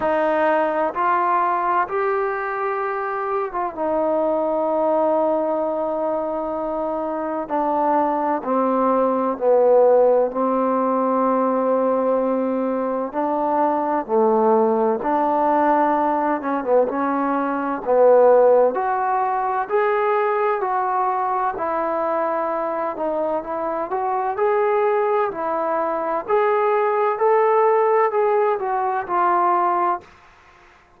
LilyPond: \new Staff \with { instrumentName = "trombone" } { \time 4/4 \tempo 4 = 64 dis'4 f'4 g'4.~ g'16 f'16 | dis'1 | d'4 c'4 b4 c'4~ | c'2 d'4 a4 |
d'4. cis'16 b16 cis'4 b4 | fis'4 gis'4 fis'4 e'4~ | e'8 dis'8 e'8 fis'8 gis'4 e'4 | gis'4 a'4 gis'8 fis'8 f'4 | }